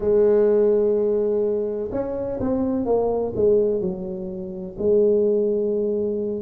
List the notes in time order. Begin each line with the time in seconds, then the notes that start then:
0.00 G#3
1.91 C#4
2.40 C4
2.85 A#3
3.35 G#3
3.81 F#3
4.78 G#3